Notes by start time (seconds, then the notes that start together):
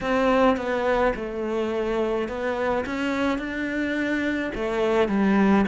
0.01 C4
0.57 B3
1.15 A3
2.28 B3
2.86 C#4
3.38 D4
4.54 A3
5.08 G3